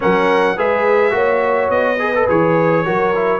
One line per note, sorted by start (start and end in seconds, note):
0.00 0.57 F#3
0.00 0.56 C#4
0.00 0.56 A#4
0.00 0.58 F#5
0.56 1.12 G#3
0.56 1.10 G#4
0.56 1.13 B4
0.56 1.70 E5
1.10 1.69 A#3
1.10 1.96 F#4
1.10 2.00 C#5
1.69 2.26 B3
1.69 2.27 D#5
1.99 2.13 G#4
1.99 2.85 B4
2.15 2.28 A4
2.28 2.86 E3
2.28 2.85 G#4
2.28 3.39 C#5
2.85 3.39 F#3
2.85 3.14 F#4
2.85 3.39 A#4
3.15 3.39 E4